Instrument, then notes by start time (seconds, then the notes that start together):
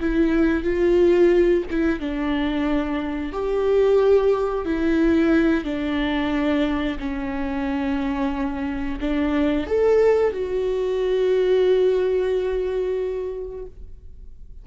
viola
0.00 E4
0.64 F4
1.71 E4
1.99 D4
3.32 G4
4.65 E4
5.65 D4
6.99 C#4
9.00 D4
9.67 A4
10.32 F#4